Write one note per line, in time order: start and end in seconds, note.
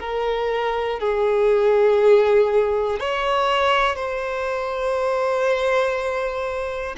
0.00 1.00 A#4
1.00 3.00 G#4
3.00 3.96 C#5
3.96 6.96 C5